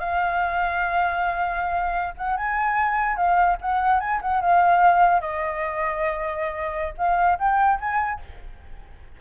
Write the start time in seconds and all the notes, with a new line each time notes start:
0.00 F5
2.18 F#5
2.37 G#5
3.17 F5
3.61 F#5
4.00 G#5
4.22 F#5
4.41 F5
5.21 D#5
6.98 F5
7.39 G5
7.80 G#5